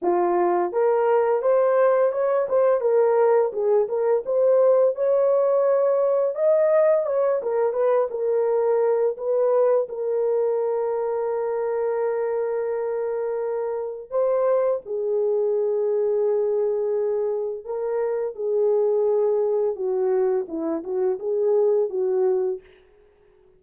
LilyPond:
\new Staff \with { instrumentName = "horn" } { \time 4/4 \tempo 4 = 85 f'4 ais'4 c''4 cis''8 c''8 | ais'4 gis'8 ais'8 c''4 cis''4~ | cis''4 dis''4 cis''8 ais'8 b'8 ais'8~ | ais'4 b'4 ais'2~ |
ais'1 | c''4 gis'2.~ | gis'4 ais'4 gis'2 | fis'4 e'8 fis'8 gis'4 fis'4 | }